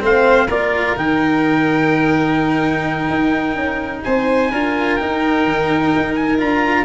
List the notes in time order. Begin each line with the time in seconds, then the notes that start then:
0.00 A3 C4 C5 F5
0.47 A#3 F4 A#4 D5
0.96 D#3 D#4 G5
3.09 D#4
3.55 C#4
4.03 C4 C5 G#5
4.51 D4 F4 A#4
4.96 D#4 G5
5.44 D#3
5.95 D#4
6.14 G#5
6.37 D4 F4 A#5